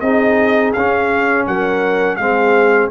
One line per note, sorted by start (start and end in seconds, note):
0.00 0.73 C4
0.00 0.75 D#4
0.00 1.47 G#4
0.00 0.72 D#5
0.73 1.47 C#4
0.73 2.19 C#4
0.73 1.45 F5
1.47 2.17 F#3
1.47 2.17 A#4
1.47 2.16 F#5
2.16 2.90 G#3
2.16 2.91 C4
2.16 2.89 G#4
2.16 2.88 F5